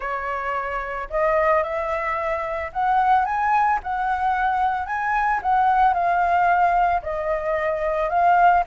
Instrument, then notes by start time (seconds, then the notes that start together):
flute
0.00 C#5
1.10 D#5
1.63 E5
2.72 F#5
3.25 G#5
3.83 F#5
4.86 G#5
5.42 F#5
5.93 F5
7.02 D#5
8.09 F5